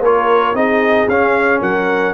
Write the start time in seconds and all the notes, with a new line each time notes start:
0.00 A#3 F4 A#4 C#5
0.54 C4 D#4 G#4 D#5
1.08 C#4 F5
1.62 F#3 A#4 F#5